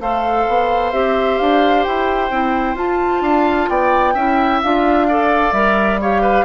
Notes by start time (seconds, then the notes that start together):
0.00 A3 A4 C5 F5
0.48 B3
0.92 C4 G4 E5
1.38 D4 F5
1.84 E4 G5
2.31 C4 E4
2.75 F4 A5
3.21 D4 F5
3.69 B3 D5 G5
4.14 C#4 E4 E5
4.63 D4 F4 F5
5.09 A4 D5
5.53 G3 A#4 E5
6.01 G4 C#5 F5
6.22 B4